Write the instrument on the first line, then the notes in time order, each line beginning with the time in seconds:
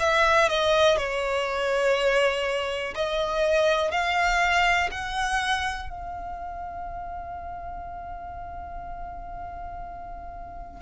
violin
0.00 E5
0.50 D#5
0.98 C#5
2.95 D#5
3.92 F5
4.92 F#5
5.90 F5